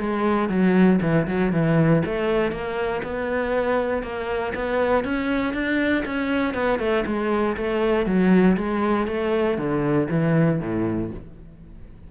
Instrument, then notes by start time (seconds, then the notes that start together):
cello
0.00 G#3
0.50 F#3
1.02 E3
1.28 F#3
1.53 E3
2.06 A3
2.52 A#3
3.03 B3
4.03 A#3
4.55 B3
5.05 C#4
5.54 D4
6.05 C#4
6.54 B3
6.80 A3
7.07 G#3
7.57 A3
8.06 F#3
8.57 G#3
9.08 A3
9.58 D3
10.10 E3
10.61 A2